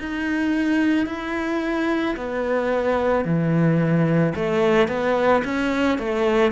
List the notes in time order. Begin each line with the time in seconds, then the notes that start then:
0.00 D#4
1.07 E4
2.16 B3
3.25 E3
4.35 A3
4.88 B3
5.44 C#4
5.99 A3